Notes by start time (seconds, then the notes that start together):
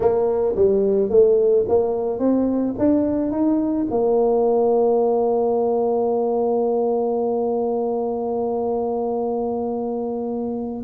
0.00 A#3
0.55 G3
1.09 A3
1.68 A#3
2.19 C4
2.78 D4
3.31 D#4
3.90 A#3